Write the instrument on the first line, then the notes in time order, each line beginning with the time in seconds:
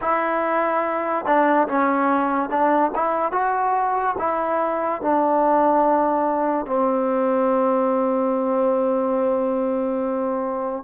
trombone
0.01 E4
1.25 D4
1.68 C#4
2.49 D4
2.95 E4
3.32 F#4
4.18 E4
5.01 D4
6.66 C4